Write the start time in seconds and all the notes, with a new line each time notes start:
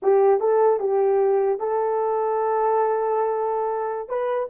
0.02 G4
0.40 A4
0.79 G4
1.59 A4
4.08 B4